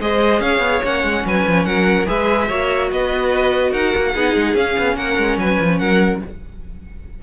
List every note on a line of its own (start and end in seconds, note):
0.00 0.39 G#3
0.00 0.84 G#4
0.00 0.41 C5
0.00 0.41 D#5
0.39 0.59 C#4
0.39 1.24 C#5
0.39 0.82 F5
0.59 0.79 B3
0.83 1.03 A#3
0.83 2.06 C#4
0.83 1.26 F#5
1.03 1.24 G#3
1.25 1.45 F#3
1.25 1.66 B4
1.25 1.65 G#5
1.47 1.65 F3
1.65 2.06 F#3
1.65 2.08 A#4
1.65 2.06 F#5
2.06 2.50 G#3
2.06 2.47 G#4
2.06 2.48 B4
2.06 2.91 E5
2.48 2.91 A#3
2.48 4.14 F#4
2.48 2.89 C#5
2.91 3.72 B3
2.91 3.70 B4
2.91 3.72 D#5
3.70 3.93 D#4
3.70 4.12 A#4
3.70 4.55 F#5
3.96 4.14 A#3
4.14 4.35 B3
4.14 4.56 D#4
4.14 4.96 G#4
4.35 4.54 G#3
4.54 4.75 C#4
4.54 6.23 C#4
4.54 4.96 F5
4.78 4.96 B3
4.96 5.17 A#3
4.96 5.39 A#4
4.96 5.37 F#5
5.17 5.37 G#3
5.37 5.58 F#3
5.37 5.79 B4
5.37 5.78 G#5
5.59 5.80 F3
5.78 6.21 F#3
5.78 6.21 A#4
5.78 6.19 F#5